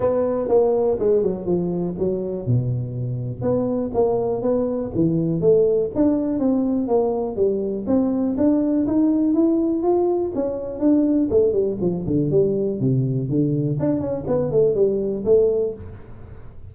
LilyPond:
\new Staff \with { instrumentName = "tuba" } { \time 4/4 \tempo 4 = 122 b4 ais4 gis8 fis8 f4 | fis4 b,2 b4 | ais4 b4 e4 a4 | d'4 c'4 ais4 g4 |
c'4 d'4 dis'4 e'4 | f'4 cis'4 d'4 a8 g8 | f8 d8 g4 c4 d4 | d'8 cis'8 b8 a8 g4 a4 | }